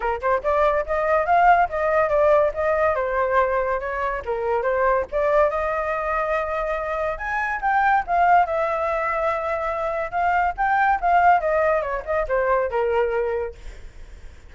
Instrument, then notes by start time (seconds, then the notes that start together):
flute
0.00 A#4
0.21 C5
0.43 D5
0.86 D#5
1.26 F5
1.69 D#5
2.09 D5
2.54 D#5
2.95 C5
3.80 C#5
4.25 A#4
4.62 C5
5.11 D5
5.50 D#5
7.18 G#5
7.61 G5
8.06 F5
8.46 E5
10.11 F5
10.57 G5
11.01 F5
11.40 D#5
11.81 C#5
12.05 D#5
12.28 C5
12.70 A#4